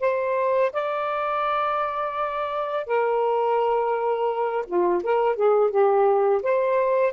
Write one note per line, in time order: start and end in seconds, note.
0.00 0.71 C5
0.72 2.86 D5
2.86 4.65 A#4
4.67 5.02 F4
5.03 5.36 A#4
5.36 5.70 G#4
5.70 6.42 G4
6.42 7.13 C5